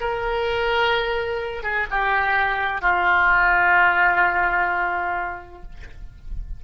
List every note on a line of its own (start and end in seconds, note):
0.00 1.63 A#4
1.63 1.86 G#4
1.90 2.81 G4
2.81 5.62 F4